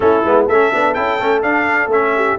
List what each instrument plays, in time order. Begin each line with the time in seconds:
0.00 tuba A3, trombone C#4, horn E4, trumpet A4
0.24 tuba G#3, trombone B3
0.46 tuba A3, trombone C#4, horn A4, trumpet E5
0.73 tuba B3, trombone D4
0.94 tuba C#4, trombone E4, trumpet G5
1.20 tuba A3, trombone C#4
1.42 tuba D4, trombone D4, trumpet F5
1.86 tuba A3, trombone C#4, trumpet E5
2.15 horn G4